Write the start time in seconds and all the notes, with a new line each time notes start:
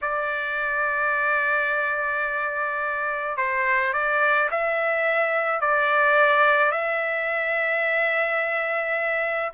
0.01 D5
3.37 C5
3.93 D5
4.50 E5
5.60 D5
6.71 E5